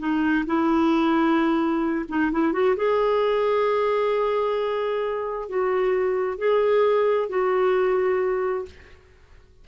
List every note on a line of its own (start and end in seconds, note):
0.00 0.45 D#4
0.46 2.06 E4
2.09 2.32 D#4
2.32 2.53 E4
2.53 2.76 F#4
2.76 5.49 G#4
5.49 6.39 F#4
6.39 7.29 G#4
7.29 8.66 F#4